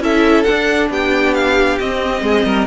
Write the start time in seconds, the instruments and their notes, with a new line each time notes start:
0.00 cello C#4, viola E4, violin A4 E5
0.43 viola D4, violin F#5
0.50 cello D4
0.90 cello B3, violin G4 G5
1.34 violin F5
1.79 viola C4, cello C4, violin D#5
2.21 cello G#3, violin G#4
2.45 cello G3, violin A#4